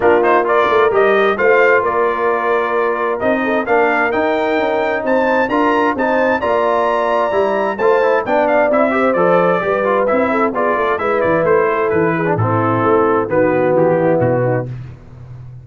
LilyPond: <<
  \new Staff \with { instrumentName = "trumpet" } { \time 4/4 \tempo 4 = 131 ais'8 c''8 d''4 dis''4 f''4 | d''2. dis''4 | f''4 g''2 a''4 | ais''4 a''4 ais''2~ |
ais''4 a''4 g''8 f''8 e''4 | d''2 e''4 d''4 | e''8 d''8 c''4 b'4 a'4~ | a'4 b'4 g'4 fis'4 | }
  \new Staff \with { instrumentName = "horn" } { \time 4/4 f'4 ais'2 c''4 | ais'2.~ ais'8 a'8 | ais'2. c''4 | ais'4 c''4 d''2~ |
d''4 c''4 d''4. c''8~ | c''4 b'4. a'8 gis'8 a'8 | b'4. a'4 gis'8 e'4~ | e'4 fis'4. e'4 dis'8 | }
  \new Staff \with { instrumentName = "trombone" } { \time 4/4 d'8 dis'8 f'4 g'4 f'4~ | f'2. dis'4 | d'4 dis'2. | f'4 dis'4 f'2 |
e'4 f'8 e'8 d'4 e'8 g'8 | a'4 g'8 f'8 e'4 f'4 | e'2~ e'8. d'16 c'4~ | c'4 b2. | }
  \new Staff \with { instrumentName = "tuba" } { \time 4/4 ais4. a8 g4 a4 | ais2. c'4 | ais4 dis'4 cis'4 c'4 | d'4 c'4 ais2 |
g4 a4 b4 c'4 | f4 g4 c'4 b8 a8 | gis8 e8 a4 e4 a,4 | a4 dis4 e4 b,4 | }
>>